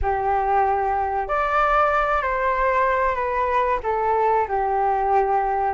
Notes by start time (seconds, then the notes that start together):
0.02 G4
1.28 D5
2.22 C5
3.15 B4
3.83 A4
4.48 G4